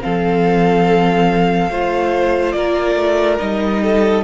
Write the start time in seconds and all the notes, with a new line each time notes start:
0.00 F3 C4 A4 F5
1.70 A3 F4 C5
2.52 A#3 A#4 D5
2.95 A3
3.39 G3 D#4 D#5
3.82 A4